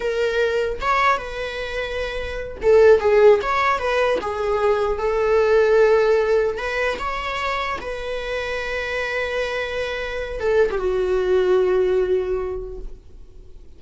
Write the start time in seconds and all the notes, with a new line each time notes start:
0.00 A#4
0.81 C#5
1.17 B4
2.62 A4
3.00 G#4
3.42 C#5
3.79 B4
4.21 G#4
4.98 A4
6.58 B4
6.99 C#5
7.81 B4
10.40 A4
10.71 G4
10.78 F#4